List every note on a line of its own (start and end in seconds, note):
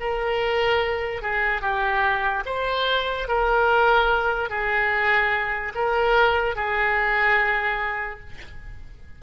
0.00 1.22 A#4
1.22 1.61 G#4
1.61 2.44 G4
2.45 3.28 C5
3.28 4.49 A#4
4.49 5.73 G#4
5.75 6.56 A#4
6.56 8.20 G#4